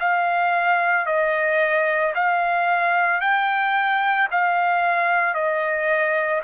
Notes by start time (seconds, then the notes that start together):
0.00 F5
1.07 D#5
2.15 F5
3.21 G5
4.31 F5
5.35 D#5